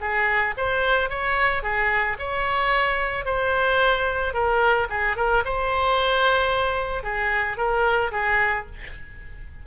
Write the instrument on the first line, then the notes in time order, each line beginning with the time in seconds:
oboe
0.00 G#4
0.57 C5
1.09 C#5
1.63 G#4
2.18 C#5
3.25 C5
4.33 A#4
4.89 G#4
5.16 A#4
5.44 C5
7.03 G#4
7.57 A#4
8.11 G#4